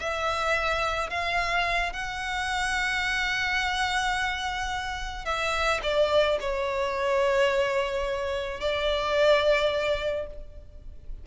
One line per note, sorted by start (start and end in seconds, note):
0.00 1.10 E5
1.10 1.93 F5
1.93 5.25 F#5
5.25 5.81 E5
5.83 6.39 D5
6.41 8.61 C#5
8.61 10.27 D5